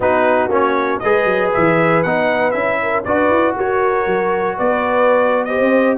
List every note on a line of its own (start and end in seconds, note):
0.00 0.48 B3
0.00 0.50 D#4
0.00 1.02 F#4
0.00 0.51 B4
0.48 0.99 A#3
0.48 1.00 C#4
0.48 0.99 C#5
0.99 1.24 G#3
0.99 2.05 G#4
0.99 2.81 B4
0.99 1.50 D#5
1.24 1.50 F#3
1.53 2.04 E3
1.53 2.02 E5
2.02 2.54 B3
2.02 2.52 D#4
2.02 2.51 F#5
2.51 3.05 C#4
2.51 3.03 E4
2.51 3.02 E5
2.82 3.04 A#4
3.04 3.29 D4
3.04 5.48 F#4
3.04 3.55 B4
3.04 3.55 D5
3.29 3.55 E4
3.56 4.06 F#4
3.56 4.57 A#4
3.56 4.58 C#5
4.06 4.57 F#3
4.57 5.60 B3
4.57 5.46 B4
4.57 5.44 D5
5.44 5.98 G4
5.44 5.98 C5
5.44 5.95 D#5
5.60 5.98 C4